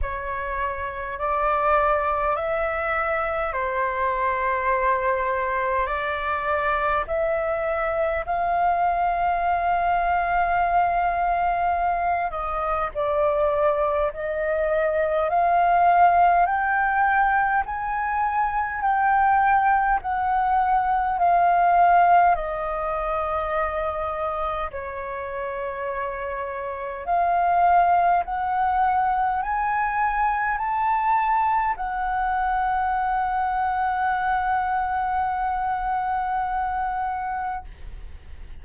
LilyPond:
\new Staff \with { instrumentName = "flute" } { \time 4/4 \tempo 4 = 51 cis''4 d''4 e''4 c''4~ | c''4 d''4 e''4 f''4~ | f''2~ f''8 dis''8 d''4 | dis''4 f''4 g''4 gis''4 |
g''4 fis''4 f''4 dis''4~ | dis''4 cis''2 f''4 | fis''4 gis''4 a''4 fis''4~ | fis''1 | }